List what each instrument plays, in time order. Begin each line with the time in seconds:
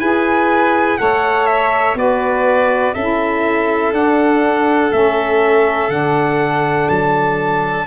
0.00 tuba E4, saxophone G#4, violin B4, trumpet G#5
0.98 tuba A3, saxophone A4, violin C#5, trumpet F#5
1.47 trumpet E5
1.95 tuba B3, saxophone F#4, violin B4, trumpet D5
2.94 tuba C#4, saxophone E4, violin A4, trumpet E5
3.92 saxophone D4, tuba D4, trumpet F#5
4.91 tuba A3, saxophone C#4, trumpet E5
5.89 tuba D3, saxophone D4, trumpet F#5
6.89 tuba F#3, trumpet A5